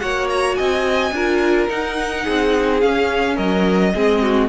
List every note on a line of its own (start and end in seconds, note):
0.00 0.59 A#3
0.00 1.13 F#4
0.00 0.58 C#5
0.00 0.28 F#5
0.30 0.55 A#5
0.55 1.11 C4
0.55 1.14 D#5
0.55 1.67 G#5
1.11 1.67 D4
1.11 1.70 F4
1.11 2.24 A#4
1.70 2.82 D#4
1.70 2.26 D#4
1.70 2.81 F#5
2.24 2.83 C4
2.24 3.35 G#4
2.81 3.94 C#4
2.81 3.38 C#4
2.81 3.37 F5
3.35 3.94 F#3
3.35 3.91 A#4
3.35 4.49 D#5
3.95 4.49 G#3
3.95 4.49 C4
3.95 4.22 G#4
4.22 4.49 F#4